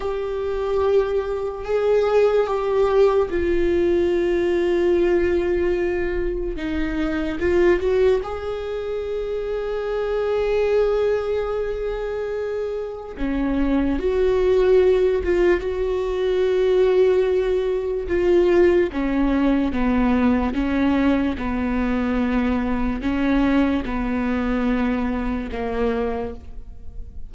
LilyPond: \new Staff \with { instrumentName = "viola" } { \time 4/4 \tempo 4 = 73 g'2 gis'4 g'4 | f'1 | dis'4 f'8 fis'8 gis'2~ | gis'1 |
cis'4 fis'4. f'8 fis'4~ | fis'2 f'4 cis'4 | b4 cis'4 b2 | cis'4 b2 ais4 | }